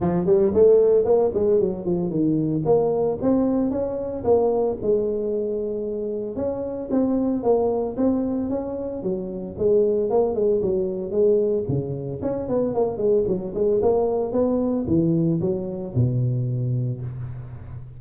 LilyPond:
\new Staff \with { instrumentName = "tuba" } { \time 4/4 \tempo 4 = 113 f8 g8 a4 ais8 gis8 fis8 f8 | dis4 ais4 c'4 cis'4 | ais4 gis2. | cis'4 c'4 ais4 c'4 |
cis'4 fis4 gis4 ais8 gis8 | fis4 gis4 cis4 cis'8 b8 | ais8 gis8 fis8 gis8 ais4 b4 | e4 fis4 b,2 | }